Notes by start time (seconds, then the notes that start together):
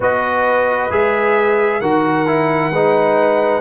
0.00 B3 F#4 B4 D#5
0.90 G#3 G#4 E5
1.80 D#3 F#4 A#4 F#5
2.26 E4
2.70 G#3 D#4 B4